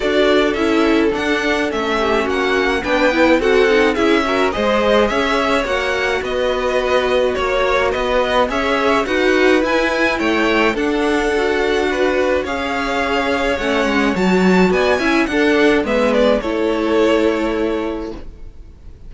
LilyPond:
<<
  \new Staff \with { instrumentName = "violin" } { \time 4/4 \tempo 4 = 106 d''4 e''4 fis''4 e''4 | fis''4 g''4 fis''4 e''4 | dis''4 e''4 fis''4 dis''4~ | dis''4 cis''4 dis''4 e''4 |
fis''4 gis''4 g''4 fis''4~ | fis''2 f''2 | fis''4 a''4 gis''4 fis''4 | e''8 d''8 cis''2. | }
  \new Staff \with { instrumentName = "violin" } { \time 4/4 a'2.~ a'8 g'8 | fis'4 b'4 a'4 gis'8 ais'8 | c''4 cis''2 b'4~ | b'4 cis''4 b'4 cis''4 |
b'2 cis''4 a'4~ | a'4 b'4 cis''2~ | cis''2 d''8 e''8 a'4 | b'4 a'2. | }
  \new Staff \with { instrumentName = "viola" } { \time 4/4 fis'4 e'4 d'4 cis'4~ | cis'4 d'8 e'8 fis'8 dis'8 e'8 fis'8 | gis'2 fis'2~ | fis'2. gis'4 |
fis'4 e'2 d'4 | fis'2 gis'2 | cis'4 fis'4. e'8 d'4 | b4 e'2. | }
  \new Staff \with { instrumentName = "cello" } { \time 4/4 d'4 cis'4 d'4 a4 | ais4 b4 c'4 cis'4 | gis4 cis'4 ais4 b4~ | b4 ais4 b4 cis'4 |
dis'4 e'4 a4 d'4~ | d'2 cis'2 | a8 gis8 fis4 b8 cis'8 d'4 | gis4 a2. | }
>>